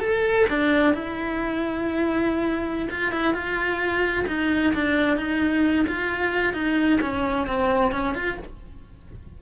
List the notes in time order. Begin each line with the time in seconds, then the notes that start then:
0.00 A4
0.49 D4
0.94 E4
2.91 F4
3.12 E4
3.34 F4
4.28 D#4
4.74 D4
5.17 D#4
5.88 F4
6.54 D#4
7.01 C#4
7.47 C4
7.92 C#4
8.15 F4